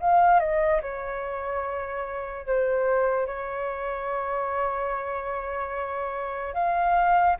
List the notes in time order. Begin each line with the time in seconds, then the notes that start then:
0.00 F5
0.39 D#5
0.81 C#5
2.46 C5
3.26 C#5
6.53 F5